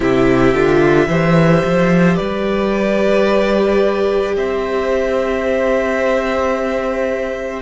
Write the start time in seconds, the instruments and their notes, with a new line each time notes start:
0.00 cello C3, viola E4, violin G4 E5
0.53 cello D3, viola F4
1.07 cello E3, viola G4, violin C5
1.64 cello F3
2.16 cello G3, violin B4 D5
4.36 cello C4, violin C5 E5